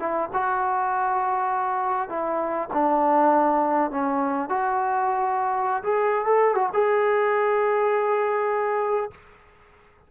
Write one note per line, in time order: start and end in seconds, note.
0.00 0.30 E4
0.33 2.10 F#4
2.10 2.69 E4
2.74 3.91 D4
3.91 4.50 C#4
4.50 5.83 F#4
5.84 6.25 G#4
6.25 6.55 A4
6.55 6.70 F#4
6.74 9.11 G#4